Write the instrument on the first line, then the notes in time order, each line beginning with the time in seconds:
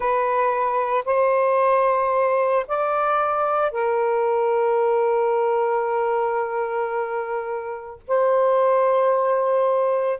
saxophone
0.00 B4
1.05 C5
2.67 D5
3.71 A#4
8.07 C5